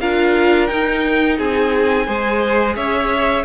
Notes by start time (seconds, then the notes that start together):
0.00 D4 F4 A#4 F5
0.67 D#4 G5
1.38 C4 G#4 G#5
2.06 G#3 G#4 C5
2.75 C#4 C#5 E5